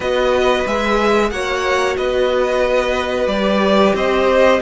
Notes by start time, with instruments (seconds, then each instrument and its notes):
0.00 cello B3, viola F#4, violin B4 D#5
0.66 cello G#3, viola G#4, violin E5
1.30 cello A#3, viola F#4, violin C#5 F#5
1.97 cello B3, violin B4 D#5
3.26 cello G3, viola G4, violin D5
3.94 cello C4, violin C5 D#5